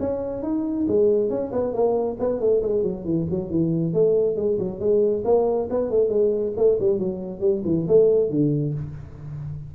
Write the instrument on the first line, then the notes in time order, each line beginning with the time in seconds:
tuba
0.00 C#4
0.43 D#4
0.88 G#3
1.30 C#4
1.52 B3
1.73 A#3
2.19 B3
2.40 A3
2.62 G#3
2.83 F#3
3.05 E3
3.30 F#3
3.50 E3
3.94 A3
4.36 G#3
4.59 F#3
4.80 G#3
5.25 A#3
5.70 B3
5.90 A3
6.09 G#3
6.57 A3
6.80 G3
6.99 F#3
7.40 G3
7.65 E3
7.88 A3
8.30 D3